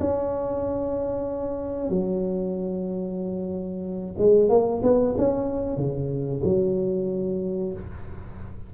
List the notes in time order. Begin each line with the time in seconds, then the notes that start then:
0.00 C#4
1.89 F#3
4.18 G#3
4.49 A#3
4.83 B3
5.17 C#4
5.77 C#3
6.44 F#3